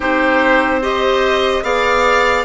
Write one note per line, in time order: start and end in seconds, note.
0.00 1.62 C4
0.00 0.81 D#4
0.00 0.81 G4
0.00 0.82 C5
0.81 1.63 G4
0.81 1.63 C5
0.81 1.63 D#5
1.62 2.44 B3
1.62 2.44 G#4
1.62 2.44 D5
1.62 2.44 F5